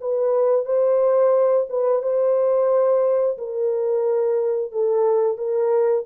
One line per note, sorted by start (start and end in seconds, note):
0.00 0.65 B4
0.65 1.66 C5
1.69 2.02 B4
2.02 3.37 C5
3.37 4.72 A#4
4.72 5.37 A4
5.37 6.04 A#4